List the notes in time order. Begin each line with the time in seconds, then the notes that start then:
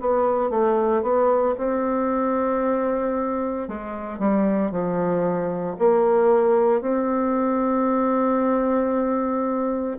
0.00 B3
0.50 A3
1.03 B3
1.58 C4
3.68 G#3
4.19 G3
4.71 F3
5.79 A#3
6.81 C4